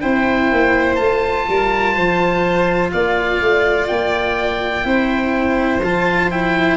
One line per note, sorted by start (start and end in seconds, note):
0.00 0.51 C4
0.00 0.97 E4
0.00 1.45 C5
0.00 0.95 G5
0.51 0.98 A#3
0.95 1.46 A3
0.95 4.83 F4
0.95 2.89 A5
1.48 1.96 G3
1.48 1.94 A#4
1.94 2.93 F3
1.94 2.90 C5
2.91 3.41 A#3
2.91 4.86 D5
2.91 3.87 F5
3.41 3.89 A3
3.87 4.84 A#3
3.87 5.81 G5
4.83 5.81 C4
4.83 5.79 E4
4.83 6.77 C5
5.82 6.77 F3
5.82 6.30 F4
5.82 6.30 A5
6.30 6.77 E4
6.30 6.77 G5